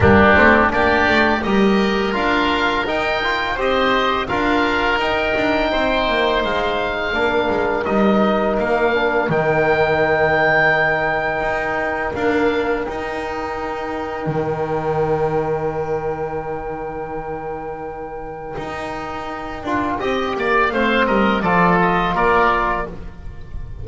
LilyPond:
<<
  \new Staff \with { instrumentName = "oboe" } { \time 4/4 \tempo 4 = 84 g'4 d''4 dis''4 f''4 | g''4 dis''4 f''4 g''4~ | g''4 f''2 dis''4 | f''4 g''2.~ |
g''4 f''4 g''2~ | g''1~ | g''1~ | g''4 f''8 dis''8 d''8 dis''8 d''4 | }
  \new Staff \with { instrumentName = "oboe" } { \time 4/4 d'4 g'4 ais'2~ | ais'4 c''4 ais'2 | c''2 ais'2~ | ais'1~ |
ais'1~ | ais'1~ | ais'1 | dis''8 d''8 c''8 ais'8 a'4 ais'4 | }
  \new Staff \with { instrumentName = "trombone" } { \time 4/4 ais8 c'8 d'4 g'4 f'4 | dis'8 f'8 g'4 f'4 dis'4~ | dis'2 d'4 dis'4~ | dis'8 d'8 dis'2.~ |
dis'4 ais4 dis'2~ | dis'1~ | dis'2.~ dis'8 f'8 | g'4 c'4 f'2 | }
  \new Staff \with { instrumentName = "double bass" } { \time 4/4 g8 a8 ais8 a8 g4 d'4 | dis'4 c'4 d'4 dis'8 d'8 | c'8 ais8 gis4 ais8 gis8 g4 | ais4 dis2. |
dis'4 d'4 dis'2 | dis1~ | dis2 dis'4. d'8 | c'8 ais8 a8 g8 f4 ais4 | }
>>